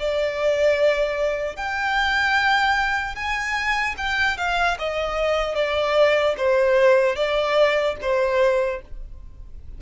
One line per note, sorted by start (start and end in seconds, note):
0.00 1.56 D5
1.56 3.16 G5
3.16 3.96 G#5
3.98 4.38 G5
4.38 4.78 F5
4.79 5.56 D#5
5.56 6.36 D5
6.38 7.16 C5
7.16 7.96 D5
8.02 8.82 C5